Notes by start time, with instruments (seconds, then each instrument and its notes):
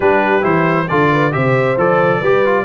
0.00 tuba G3, trombone D4, horn G4, trumpet B4
0.41 tuba E3, trombone E4, trumpet C5
0.88 tuba D3, trombone F4, horn A4, trumpet D5
1.11 horn B4
1.31 tuba C3, trombone G4, horn C5, trumpet E5
1.77 tuba F3, trombone A4, trumpet D5
2.19 tuba G3, trombone G4, horn B4
2.45 trombone F4